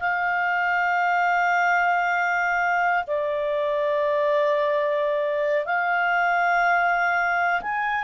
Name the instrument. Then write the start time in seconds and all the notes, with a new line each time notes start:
clarinet
0.00 F5
3.08 D5
5.66 F5
7.62 G#5